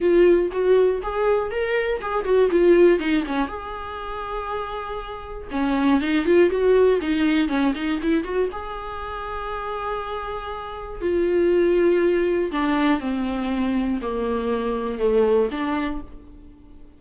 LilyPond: \new Staff \with { instrumentName = "viola" } { \time 4/4 \tempo 4 = 120 f'4 fis'4 gis'4 ais'4 | gis'8 fis'8 f'4 dis'8 cis'8 gis'4~ | gis'2. cis'4 | dis'8 f'8 fis'4 dis'4 cis'8 dis'8 |
e'8 fis'8 gis'2.~ | gis'2 f'2~ | f'4 d'4 c'2 | ais2 a4 d'4 | }